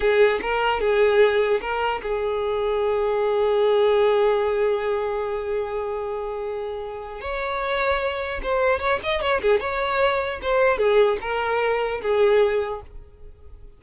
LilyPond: \new Staff \with { instrumentName = "violin" } { \time 4/4 \tempo 4 = 150 gis'4 ais'4 gis'2 | ais'4 gis'2.~ | gis'1~ | gis'1~ |
gis'2 cis''2~ | cis''4 c''4 cis''8 dis''8 cis''8 gis'8 | cis''2 c''4 gis'4 | ais'2 gis'2 | }